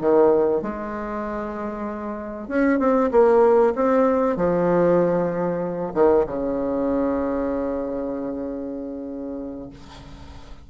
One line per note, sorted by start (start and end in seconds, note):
0.00 0.62 D#3
0.62 2.48 G#3
2.48 2.79 C#4
2.79 3.10 C4
3.11 3.74 A#3
3.75 4.36 C4
4.36 5.93 F3
5.94 6.25 D#3
6.26 9.70 C#3